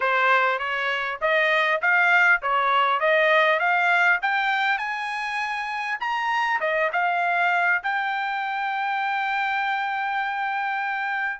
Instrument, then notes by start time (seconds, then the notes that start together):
trumpet
0.00 C5
0.58 C#5
1.21 D#5
1.81 F5
2.42 C#5
3.00 D#5
3.59 F5
4.22 G5
4.78 G#5
6.00 A#5
6.60 D#5
6.92 F5
7.83 G5